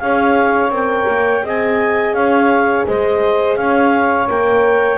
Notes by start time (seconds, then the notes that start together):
0.00 C#4 G#4 C#5 F5
0.70 C4 A#4
0.76 G5
1.09 A#3
1.43 C4 G#4 D#5 G#5
2.14 C#4 C#5 F5
2.87 G#3 C5 D#5
3.57 C#4 C#5 F5
4.28 A#3 A#4 G5